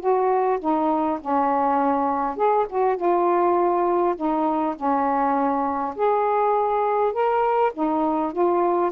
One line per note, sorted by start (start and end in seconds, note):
0.00 0.59 F#4
0.60 1.19 D#4
1.21 2.36 C#4
2.36 2.66 G#4
2.69 2.96 F#4
2.96 4.15 F4
4.16 4.76 D#4
4.76 5.95 C#4
5.96 7.13 G#4
7.13 7.72 A#4
7.74 8.32 D#4
8.32 8.92 F4